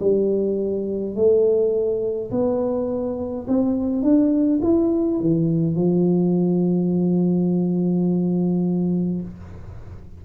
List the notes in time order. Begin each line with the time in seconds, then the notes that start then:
0.00 G3
1.15 A3
2.31 B3
3.48 C4
4.03 D4
4.63 E4
5.20 E3
5.76 F3